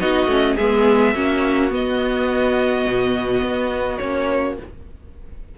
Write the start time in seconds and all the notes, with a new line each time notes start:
0.00 B3 D#4 F#4 D#5
0.27 A3 C#4
0.56 G#3 B3 G#4 E5
1.15 A#3 C#4 F#4
1.70 B3 D#5
2.86 B2
3.42 B3
3.98 A#3 C#4 C#5